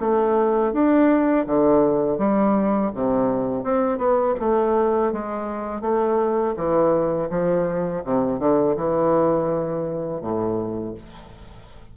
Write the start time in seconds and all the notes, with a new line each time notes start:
0.00 A3
0.73 D4
1.46 D3
2.18 G3
2.94 C3
3.63 C4
3.98 B3
4.39 A3
5.12 G#3
5.81 A3
6.56 E3
7.29 F3
8.04 C3
8.39 D3
8.76 E3
10.21 A2